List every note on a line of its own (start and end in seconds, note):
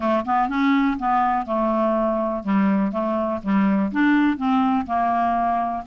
0.00 0.24 A3
0.25 0.49 B3
0.49 0.97 C#4
0.99 1.46 B3
1.46 2.43 A3
2.43 2.92 G3
2.92 3.41 A3
3.43 3.91 G3
3.92 4.37 D4
4.37 4.85 C4
4.86 5.84 A#3